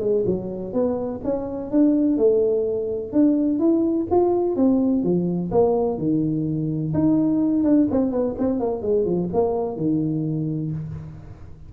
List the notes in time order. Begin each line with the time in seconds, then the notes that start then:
0.00 G#3
0.26 F#3
0.73 B3
1.24 C#4
1.71 D4
2.17 A3
3.12 D4
3.59 E4
4.11 F4
4.56 C4
5.03 F3
5.51 A#3
5.98 D#3
6.93 D#4
7.63 D4
7.91 C4
8.11 B3
8.38 C4
8.60 A#3
8.82 G#3
9.05 F3
9.33 A#3
9.76 D#3